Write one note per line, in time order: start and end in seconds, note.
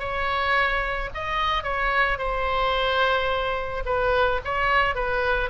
0.00 1.10 C#5
1.15 1.64 D#5
1.64 2.19 C#5
2.19 3.84 C5
3.86 4.41 B4
4.45 4.96 C#5
4.96 5.50 B4